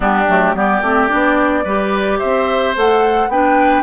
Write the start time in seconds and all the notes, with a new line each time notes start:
0.00 G3 B3 D4 G4
0.28 F#3 A3
0.54 G3 B3 G4 D5
0.81 A3 C4
1.08 B3 D4
1.64 G3 G4 B4
2.18 C4 C5 E5
2.75 A3 A4 F#5
3.28 B3 D4 B4 G5